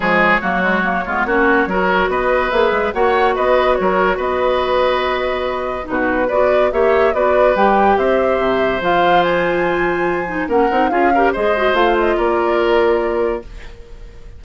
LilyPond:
<<
  \new Staff \with { instrumentName = "flute" } { \time 4/4 \tempo 4 = 143 cis''1~ | cis''4 dis''4 e''4 fis''4 | dis''4 cis''4 dis''2~ | dis''2 b'4 d''4 |
e''4 d''4 g''4 e''4~ | e''4 f''4 gis''2~ | gis''4 fis''4 f''4 dis''4 | f''8 dis''8 d''2. | }
  \new Staff \with { instrumentName = "oboe" } { \time 4/4 gis'4 fis'4. f'8 fis'4 | ais'4 b'2 cis''4 | b'4 ais'4 b'2~ | b'2 fis'4 b'4 |
cis''4 b'2 c''4~ | c''1~ | c''4 ais'4 gis'8 ais'8 c''4~ | c''4 ais'2. | }
  \new Staff \with { instrumentName = "clarinet" } { \time 4/4 gis4 ais8 gis8 ais8 b8 cis'4 | fis'2 gis'4 fis'4~ | fis'1~ | fis'2 dis'4 fis'4 |
g'4 fis'4 g'2~ | g'4 f'2.~ | f'8 dis'8 cis'8 dis'8 f'8 g'8 gis'8 fis'8 | f'1 | }
  \new Staff \with { instrumentName = "bassoon" } { \time 4/4 f4 fis4. gis8 ais4 | fis4 b4 ais8 gis8 ais4 | b4 fis4 b2~ | b2 b,4 b4 |
ais4 b4 g4 c'4 | c4 f2.~ | f4 ais8 c'8 cis'4 gis4 | a4 ais2. | }
>>